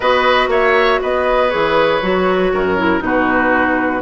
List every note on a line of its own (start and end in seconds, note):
0.00 0.47 B3
0.00 1.50 F#4
0.00 0.49 B4
0.00 0.49 D#5
0.47 0.98 A#3
0.47 1.00 C#5
0.47 1.01 E5
1.01 1.53 B3
1.01 2.53 B4
1.01 1.50 D#5
1.50 2.01 E3
1.50 2.00 G#4
1.50 3.01 C#5
2.01 2.52 F#3
2.01 2.77 F#4
2.53 3.01 F#2
2.53 3.03 A#4
2.77 2.99 E4
2.99 4.01 B2
2.99 4.00 D#4
2.99 4.02 F#4
2.99 4.02 B4